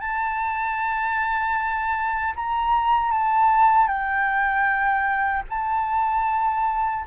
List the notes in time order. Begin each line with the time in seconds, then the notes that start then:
0.00 A5
2.36 A#5
3.11 A5
3.87 G5
5.49 A5